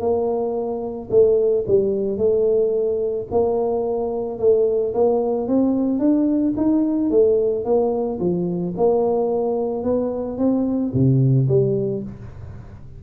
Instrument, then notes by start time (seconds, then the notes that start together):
tuba
0.00 A#3
1.11 A3
1.67 G3
2.18 A3
3.31 A#3
4.39 A3
4.94 A#3
5.48 C4
5.99 D4
6.57 D#4
7.10 A3
7.65 A#3
8.20 F3
8.77 A#3
9.84 B3
10.38 C4
10.94 C3
11.48 G3